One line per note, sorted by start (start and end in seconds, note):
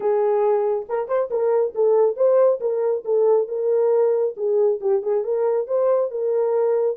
0.00 0.86 G#4
0.88 1.08 A#4
1.08 1.29 C5
1.30 1.74 A#4
1.74 2.16 A4
2.16 2.59 C5
2.60 3.04 A#4
3.04 3.47 A4
3.47 4.34 A#4
4.36 4.80 G#4
4.80 5.02 G4
5.02 5.24 G#4
5.24 5.67 A#4
5.67 6.10 C5
6.10 6.97 A#4